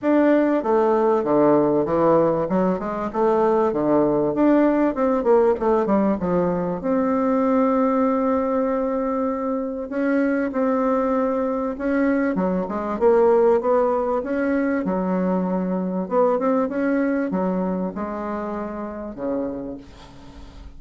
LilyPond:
\new Staff \with { instrumentName = "bassoon" } { \time 4/4 \tempo 4 = 97 d'4 a4 d4 e4 | fis8 gis8 a4 d4 d'4 | c'8 ais8 a8 g8 f4 c'4~ | c'1 |
cis'4 c'2 cis'4 | fis8 gis8 ais4 b4 cis'4 | fis2 b8 c'8 cis'4 | fis4 gis2 cis4 | }